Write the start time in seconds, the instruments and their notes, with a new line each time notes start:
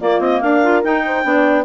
0.00 clarinet A#3 D5, bassoon A#3, horn F4
0.20 bassoon C4, clarinet D#5
0.41 bassoon D4, horn A#4, clarinet F5
0.63 clarinet F4
0.83 clarinet D#4 G5, bassoon D#4
1.06 horn C5
1.23 bassoon B3, clarinet D4, horn D5